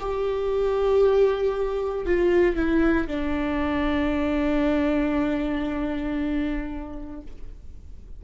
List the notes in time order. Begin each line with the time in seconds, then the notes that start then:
0.00 G4
2.06 F4
2.56 E4
3.08 D4